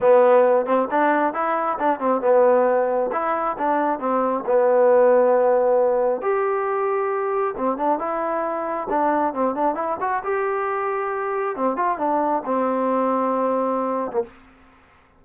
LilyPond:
\new Staff \with { instrumentName = "trombone" } { \time 4/4 \tempo 4 = 135 b4. c'8 d'4 e'4 | d'8 c'8 b2 e'4 | d'4 c'4 b2~ | b2 g'2~ |
g'4 c'8 d'8 e'2 | d'4 c'8 d'8 e'8 fis'8 g'4~ | g'2 c'8 f'8 d'4 | c'2.~ c'8. ais16 | }